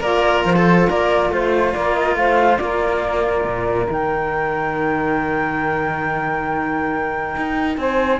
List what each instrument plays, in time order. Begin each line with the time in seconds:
0.00 cello A#3 A#4, saxophone F4, flute D5
0.45 cello F3, flute C5
0.56 cello A4
0.89 cello A#3 A#4, flute D5
1.30 cello A3 F4, flute C5
1.73 cello A#3, saxophone A#4, flute D5
1.94 flute D#5
2.15 cello A3, saxophone C5, flute F5
2.57 cello A#3, saxophone A#4, flute D5
3.44 cello A#2
3.90 cello D#3 D#4, flute G5
7.37 cello D#4
7.77 cello C4, saxophone C5, flute G#5